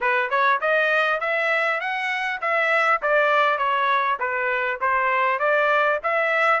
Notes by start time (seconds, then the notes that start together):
0.00 B4
0.30 C#5
0.60 D#5
1.20 E5
1.80 F#5
2.41 E5
3.02 D5
3.58 C#5
4.19 B4
4.80 C5
5.39 D5
6.03 E5